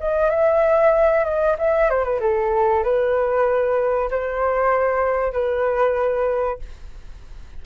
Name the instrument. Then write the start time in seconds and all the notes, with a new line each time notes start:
flute
0.00 D#5
0.30 E5
1.25 D#5
1.59 E5
1.90 C5
2.04 B4
2.20 A4
2.84 B4
4.11 C5
5.33 B4